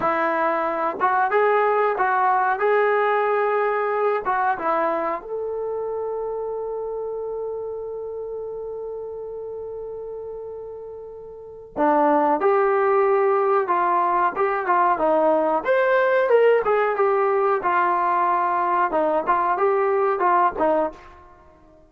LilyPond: \new Staff \with { instrumentName = "trombone" } { \time 4/4 \tempo 4 = 92 e'4. fis'8 gis'4 fis'4 | gis'2~ gis'8 fis'8 e'4 | a'1~ | a'1~ |
a'2 d'4 g'4~ | g'4 f'4 g'8 f'8 dis'4 | c''4 ais'8 gis'8 g'4 f'4~ | f'4 dis'8 f'8 g'4 f'8 dis'8 | }